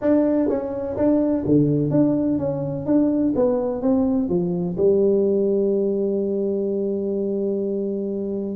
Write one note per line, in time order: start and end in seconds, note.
0.01 0.48 D4
0.48 0.96 C#4
0.96 1.44 D4
1.46 1.90 D3
1.90 2.38 D4
2.38 2.85 C#4
2.85 3.33 D4
3.35 3.81 B3
3.81 4.28 C4
4.28 4.76 F3
4.77 8.55 G3